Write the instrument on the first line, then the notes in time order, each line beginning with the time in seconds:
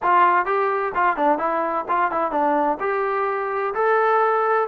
trombone
0.02 F4
0.45 G4
0.94 F4
1.16 D4
1.38 E4
1.88 F4
2.11 E4
2.31 D4
2.80 G4
3.74 A4